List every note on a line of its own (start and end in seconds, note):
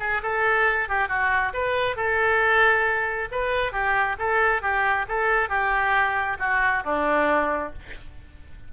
0.00 0.22 G#4
0.22 0.89 A4
0.89 1.08 G4
1.08 1.53 F#4
1.54 1.96 B4
1.96 3.28 A4
3.31 3.72 B4
3.72 4.16 G4
4.19 4.62 A4
4.62 5.06 G4
5.09 5.49 A4
5.49 6.37 G4
6.39 6.83 F#4
6.84 7.73 D4